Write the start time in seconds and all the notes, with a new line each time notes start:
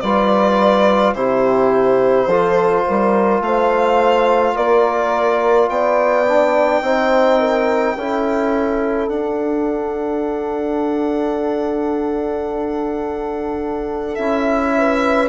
0.00 G3 F4 B4 D5
1.14 C3 E4 G4 C5
2.26 F3 F4 A4
2.87 G3 A#4
3.40 A3 C5 F5
4.55 A#3 A#4 D5
5.68 B3 D5 G5
6.28 D4
6.81 C4 D#4 C5
7.39 A#4
7.96 C#4 E4 A4
9.07 D4 F#5
14.15 C#4 E4 E5
14.78 B4